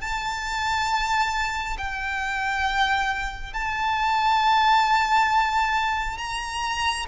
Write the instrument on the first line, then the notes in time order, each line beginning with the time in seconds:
violin
0.00 A5
1.77 G5
3.53 A5
6.18 A#5